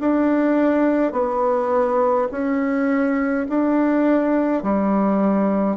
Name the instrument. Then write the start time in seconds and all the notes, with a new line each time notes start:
bassoon
0.00 D4
1.12 B3
2.31 C#4
3.49 D4
4.63 G3